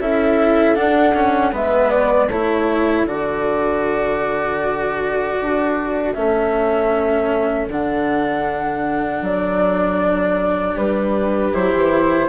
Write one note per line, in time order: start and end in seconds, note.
0.00 0.77 C#4
0.00 0.75 E4
0.00 1.54 A4
0.00 0.76 E5
0.75 1.14 D4
0.75 1.53 D4
0.75 1.53 F#5
1.14 1.52 C#4
1.52 2.29 G#3
1.52 2.29 B3
1.52 2.30 B4
1.52 1.91 E5
1.91 2.29 D5
2.29 3.05 A3
2.29 3.07 E4
2.29 10.75 A4
2.29 3.07 C#5
3.05 5.36 D3
3.05 6.15 F#4
3.05 6.13 D5
5.42 6.16 D4
6.13 7.68 A3
6.13 7.69 C#4
6.13 7.67 E5
7.68 9.22 D3
7.68 11.53 D4
7.68 9.25 F#5
9.22 10.75 F#3
9.22 10.78 D5
10.75 11.53 G3
10.75 12.28 G4
10.75 11.55 B4
11.53 11.74 F#3
11.53 12.29 E4
11.53 12.29 C5
11.75 12.29 E3